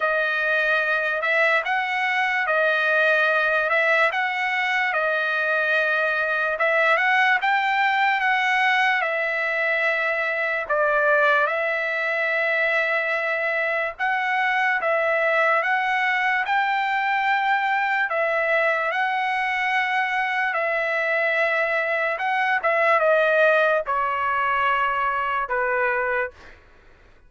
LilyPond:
\new Staff \with { instrumentName = "trumpet" } { \time 4/4 \tempo 4 = 73 dis''4. e''8 fis''4 dis''4~ | dis''8 e''8 fis''4 dis''2 | e''8 fis''8 g''4 fis''4 e''4~ | e''4 d''4 e''2~ |
e''4 fis''4 e''4 fis''4 | g''2 e''4 fis''4~ | fis''4 e''2 fis''8 e''8 | dis''4 cis''2 b'4 | }